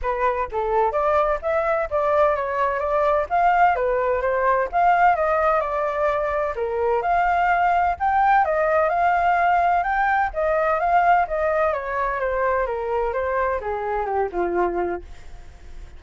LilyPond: \new Staff \with { instrumentName = "flute" } { \time 4/4 \tempo 4 = 128 b'4 a'4 d''4 e''4 | d''4 cis''4 d''4 f''4 | b'4 c''4 f''4 dis''4 | d''2 ais'4 f''4~ |
f''4 g''4 dis''4 f''4~ | f''4 g''4 dis''4 f''4 | dis''4 cis''4 c''4 ais'4 | c''4 gis'4 g'8 f'4. | }